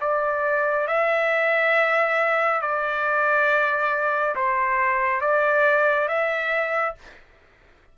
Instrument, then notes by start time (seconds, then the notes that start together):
trumpet
0.00 D5
0.87 E5
2.61 D5
4.35 C5
5.21 D5
6.08 E5